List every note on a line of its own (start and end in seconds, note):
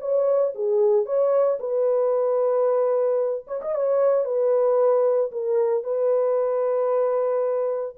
0.00 0.53 C#5
0.55 1.06 G#4
1.06 1.59 C#5
1.60 3.46 B4
3.48 3.61 C#5
3.62 3.75 D#5
3.75 4.25 C#5
4.25 5.31 B4
5.32 5.84 A#4
5.84 7.96 B4